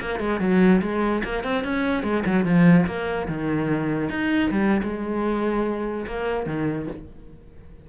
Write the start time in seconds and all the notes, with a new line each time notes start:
0.00 A#3
0.19 G#3
0.40 F#3
0.81 G#3
1.24 A#3
1.43 C4
1.63 C#4
2.03 G#3
2.25 F#3
2.44 F3
2.86 A#3
3.28 D#3
4.09 D#4
4.50 G3
4.82 G#3
6.06 A#3
6.46 D#3